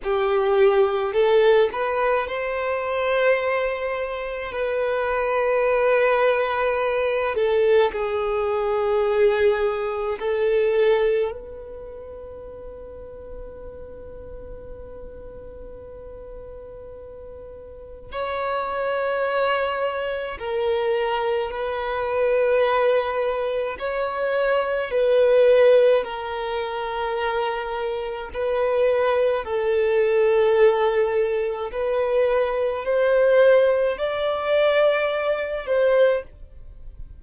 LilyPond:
\new Staff \with { instrumentName = "violin" } { \time 4/4 \tempo 4 = 53 g'4 a'8 b'8 c''2 | b'2~ b'8 a'8 gis'4~ | gis'4 a'4 b'2~ | b'1 |
cis''2 ais'4 b'4~ | b'4 cis''4 b'4 ais'4~ | ais'4 b'4 a'2 | b'4 c''4 d''4. c''8 | }